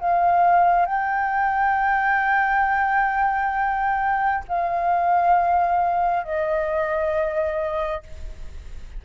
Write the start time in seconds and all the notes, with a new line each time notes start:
0.00 F5
0.86 G5
4.48 F5
6.24 D#5